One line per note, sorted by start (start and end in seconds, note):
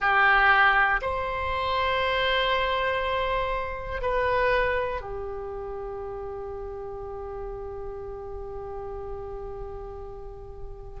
0.00 1.00 G4
1.01 4.01 C5
4.01 5.01 B4
5.01 11.00 G4